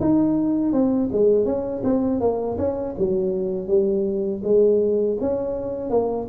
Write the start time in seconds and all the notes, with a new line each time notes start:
0.00 D#4
0.72 C4
1.12 G#3
1.45 C#4
1.84 C4
2.20 A#3
2.58 C#4
2.98 F#3
3.68 G3
4.43 G#3
5.20 C#4
5.90 A#3